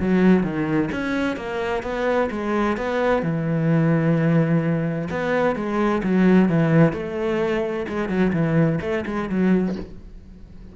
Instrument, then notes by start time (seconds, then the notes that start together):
cello
0.00 F#3
0.43 D#3
0.92 C#4
1.37 A#3
1.83 B3
2.31 G#3
2.77 B3
3.23 E3
5.10 B3
5.56 G#3
6.03 F#3
6.49 E3
6.93 A3
7.88 G#3
8.09 F#3
8.33 E3
8.81 A3
9.06 G#3
9.29 F#3